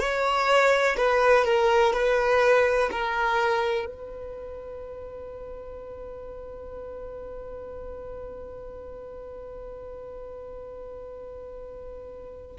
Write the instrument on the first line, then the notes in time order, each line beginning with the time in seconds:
violin
0.00 C#5
0.97 B4
1.45 A#4
1.94 B4
2.92 A#4
3.86 B4